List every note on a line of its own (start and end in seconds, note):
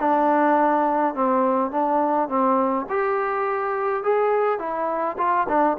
0.00 1.15 D4
1.15 1.71 C4
1.71 2.28 D4
2.28 2.86 C4
2.89 4.04 G4
4.04 4.59 G#4
4.59 5.17 E4
5.18 5.47 F4
5.49 5.77 D4